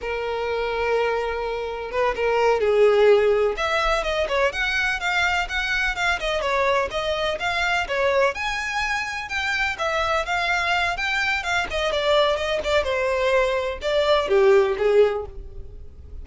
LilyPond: \new Staff \with { instrumentName = "violin" } { \time 4/4 \tempo 4 = 126 ais'1 | b'8 ais'4 gis'2 e''8~ | e''8 dis''8 cis''8 fis''4 f''4 fis''8~ | fis''8 f''8 dis''8 cis''4 dis''4 f''8~ |
f''8 cis''4 gis''2 g''8~ | g''8 e''4 f''4. g''4 | f''8 dis''8 d''4 dis''8 d''8 c''4~ | c''4 d''4 g'4 gis'4 | }